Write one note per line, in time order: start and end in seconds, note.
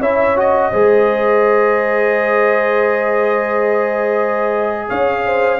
0.00 0.72 C#4
0.00 0.36 E4
0.00 0.71 C#5
0.00 0.38 E5
0.36 0.73 F#4
0.36 4.89 D#5
0.71 4.89 G#3
0.71 5.60 G#4
0.71 4.87 C5
4.89 5.60 C#4
4.89 5.25 C#5
4.89 5.60 F5
5.26 5.60 C5